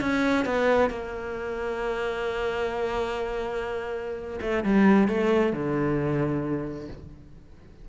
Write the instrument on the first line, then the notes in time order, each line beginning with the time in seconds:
cello
0.00 C#4
0.45 B3
0.90 A#3
4.41 A3
4.64 G3
5.08 A3
5.52 D3